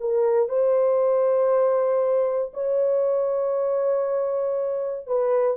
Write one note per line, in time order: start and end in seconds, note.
0.00 0.49 A#4
0.49 2.52 C5
2.54 5.07 C#5
5.07 5.57 B4